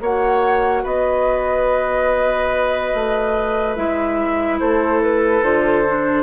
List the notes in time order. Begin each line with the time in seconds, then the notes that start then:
0.00 A#3 F#4 C#5 F#5
0.83 B3 B4 D#5
2.94 A3
3.75 G#3 E4 E5
4.60 A3 A4 C5
5.02 B4
5.41 D3 F4 C5
5.86 D4